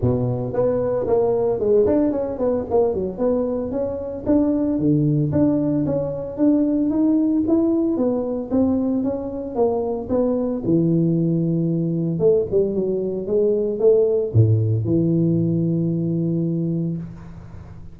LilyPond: \new Staff \with { instrumentName = "tuba" } { \time 4/4 \tempo 4 = 113 b,4 b4 ais4 gis8 d'8 | cis'8 b8 ais8 fis8 b4 cis'4 | d'4 d4 d'4 cis'4 | d'4 dis'4 e'4 b4 |
c'4 cis'4 ais4 b4 | e2. a8 g8 | fis4 gis4 a4 a,4 | e1 | }